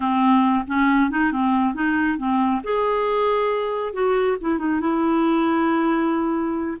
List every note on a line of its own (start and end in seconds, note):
0.00 0.64 C4
0.67 1.10 C#4
1.10 1.32 D#4
1.32 1.74 C4
1.74 2.17 D#4
2.17 2.61 C4
2.63 3.93 G#4
3.93 4.37 F#4
4.40 4.58 E4
4.58 4.80 D#4
4.80 6.77 E4